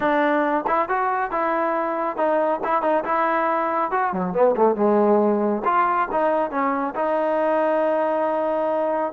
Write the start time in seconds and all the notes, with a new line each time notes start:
0.00 D4
0.67 E4
0.88 F#4
1.31 E4
2.16 D#4
2.63 E4
2.82 D#4
3.04 E4
3.91 F#4
4.12 F#3
4.33 B3
4.56 A3
4.75 G#3
5.64 F4
6.11 D#4
6.51 C#4
6.95 D#4